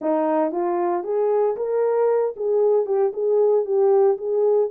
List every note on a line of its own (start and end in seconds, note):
0.01 0.51 D#4
0.51 1.03 F4
1.03 1.55 G#4
1.56 2.35 A#4
2.36 2.86 G#4
2.86 3.12 G4
3.13 3.65 G#4
3.65 4.17 G4
4.17 4.69 G#4